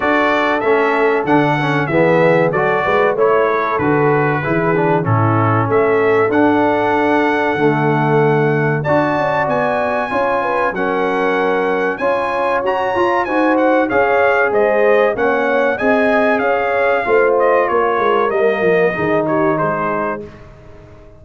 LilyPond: <<
  \new Staff \with { instrumentName = "trumpet" } { \time 4/4 \tempo 4 = 95 d''4 e''4 fis''4 e''4 | d''4 cis''4 b'2 | a'4 e''4 fis''2~ | fis''2 a''4 gis''4~ |
gis''4 fis''2 gis''4 | ais''4 gis''8 fis''8 f''4 dis''4 | fis''4 gis''4 f''4. dis''8 | cis''4 dis''4. cis''8 c''4 | }
  \new Staff \with { instrumentName = "horn" } { \time 4/4 a'2. gis'4 | a'8 b'8 cis''8 a'4. gis'4 | e'4 a'2.~ | a'2 d''2 |
cis''8 b'8 ais'2 cis''4~ | cis''4 c''4 cis''4 c''4 | cis''4 dis''4 cis''4 c''4 | ais'2 gis'8 g'8 gis'4 | }
  \new Staff \with { instrumentName = "trombone" } { \time 4/4 fis'4 cis'4 d'8 cis'8 b4 | fis'4 e'4 fis'4 e'8 d'8 | cis'2 d'2 | a2 fis'2 |
f'4 cis'2 f'4 | fis'8 f'8 fis'4 gis'2 | cis'4 gis'2 f'4~ | f'4 ais4 dis'2 | }
  \new Staff \with { instrumentName = "tuba" } { \time 4/4 d'4 a4 d4 e4 | fis8 gis8 a4 d4 e4 | a,4 a4 d'2 | d2 d'8 cis'8 b4 |
cis'4 fis2 cis'4 | fis'8 f'8 dis'4 cis'4 gis4 | ais4 c'4 cis'4 a4 | ais8 gis8 g8 f8 dis4 gis4 | }
>>